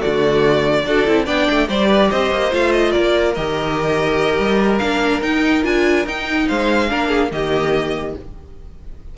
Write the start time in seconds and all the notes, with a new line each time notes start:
0.00 D3 A3 F#4 D5
0.86 D4 F#4 A4
1.07 C4 E4
1.26 B3 D4 D5 G5
1.51 A3
1.69 G3 G4 C5 D5
1.88 B4
2.11 C4 C5 D#5
2.31 A#3
2.51 A3 F4 F5
2.72 D#5
2.92 A#3 A#4 D5
3.35 D#3 G4 D#5
4.39 G3
4.78 A#3 D4 F5
5.22 D#4 G5
5.63 D4 F4 G#5
6.06 D#4 G5
6.48 G#3 C5 F5
6.88 A#3 D4 A#4
7.08 G#4
7.31 D#3 A#3 G4 D#5